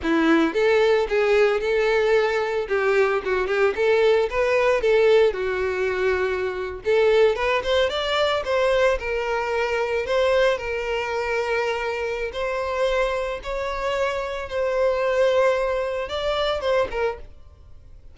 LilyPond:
\new Staff \with { instrumentName = "violin" } { \time 4/4 \tempo 4 = 112 e'4 a'4 gis'4 a'4~ | a'4 g'4 fis'8 g'8 a'4 | b'4 a'4 fis'2~ | fis'8. a'4 b'8 c''8 d''4 c''16~ |
c''8. ais'2 c''4 ais'16~ | ais'2. c''4~ | c''4 cis''2 c''4~ | c''2 d''4 c''8 ais'8 | }